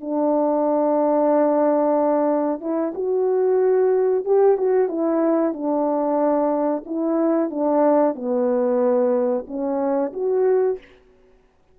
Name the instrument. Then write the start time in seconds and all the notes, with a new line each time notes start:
horn
0.00 D4
2.60 E4
2.94 F#4
4.25 G4
4.57 F#4
4.89 E4
5.53 D4
6.86 E4
7.50 D4
8.15 B3
9.47 C#4
10.13 F#4